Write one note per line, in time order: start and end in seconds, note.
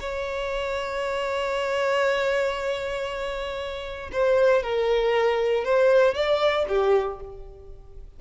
0.00 4.10 C#5
4.12 4.63 C5
4.63 5.64 A#4
5.64 6.14 C5
6.14 6.65 D5
6.69 7.20 G4